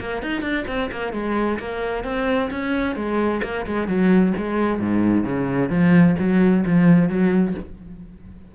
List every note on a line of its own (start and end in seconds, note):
0.00 0.22 A#3
0.22 0.42 D#4
0.42 0.65 D4
0.68 0.91 C4
0.91 1.13 A#3
1.13 1.59 G#3
1.59 2.04 A#3
2.04 2.50 C4
2.51 2.96 C#4
2.96 3.41 G#3
3.43 3.66 A#3
3.66 3.88 G#3
3.88 4.33 F#3
4.37 4.79 G#3
4.79 5.24 G#2
5.24 5.70 C#3
5.70 6.15 F3
6.19 6.65 F#3
6.66 7.09 F3
7.09 7.54 F#3